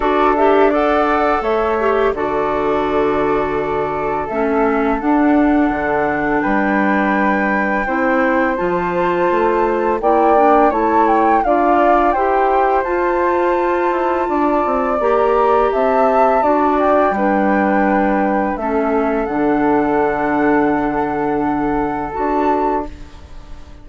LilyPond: <<
  \new Staff \with { instrumentName = "flute" } { \time 4/4 \tempo 4 = 84 d''8 e''8 fis''4 e''4 d''4~ | d''2 e''4 fis''4~ | fis''4 g''2. | a''2 g''4 a''8 g''8 |
f''4 g''4 a''2~ | a''4 ais''4 a''4. g''8~ | g''2 e''4 fis''4~ | fis''2. a''4 | }
  \new Staff \with { instrumentName = "flute" } { \time 4/4 a'4 d''4 cis''4 a'4~ | a'1~ | a'4 b'2 c''4~ | c''2 d''4 cis''4 |
d''4 c''2. | d''2 e''4 d''4 | b'2 a'2~ | a'1 | }
  \new Staff \with { instrumentName = "clarinet" } { \time 4/4 fis'8 g'8 a'4. g'8 fis'4~ | fis'2 cis'4 d'4~ | d'2. e'4 | f'2 e'8 d'8 e'4 |
f'4 g'4 f'2~ | f'4 g'2 fis'4 | d'2 cis'4 d'4~ | d'2. fis'4 | }
  \new Staff \with { instrumentName = "bassoon" } { \time 4/4 d'2 a4 d4~ | d2 a4 d'4 | d4 g2 c'4 | f4 a4 ais4 a4 |
d'4 e'4 f'4. e'8 | d'8 c'8 ais4 c'4 d'4 | g2 a4 d4~ | d2. d'4 | }
>>